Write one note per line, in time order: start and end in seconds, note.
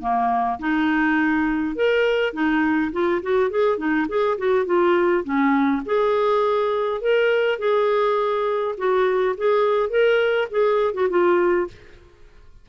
0.00 0.58 A#3
0.59 1.75 D#4
1.75 2.33 A#4
2.33 2.91 D#4
2.92 3.21 F4
3.22 3.50 F#4
3.50 3.77 G#4
3.77 4.06 D#4
4.08 4.37 G#4
4.37 4.65 F#4
4.65 5.23 F4
5.24 5.82 C#4
5.85 7.01 G#4
7.01 7.58 A#4
7.58 8.75 G#4
8.77 9.35 F#4
9.37 9.89 G#4
9.89 10.48 A#4
10.50 10.94 G#4
10.94 11.08 F#4
11.09 11.67 F4